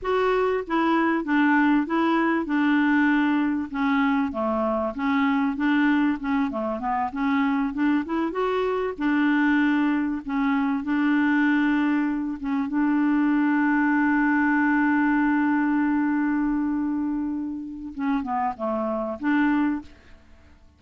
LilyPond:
\new Staff \with { instrumentName = "clarinet" } { \time 4/4 \tempo 4 = 97 fis'4 e'4 d'4 e'4 | d'2 cis'4 a4 | cis'4 d'4 cis'8 a8 b8 cis'8~ | cis'8 d'8 e'8 fis'4 d'4.~ |
d'8 cis'4 d'2~ d'8 | cis'8 d'2.~ d'8~ | d'1~ | d'4 cis'8 b8 a4 d'4 | }